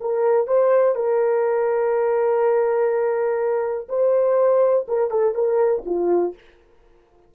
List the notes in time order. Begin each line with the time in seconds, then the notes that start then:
0.00 A#4
0.47 C5
0.95 A#4
3.89 C5
4.88 A#4
5.10 A4
5.34 A#4
5.85 F4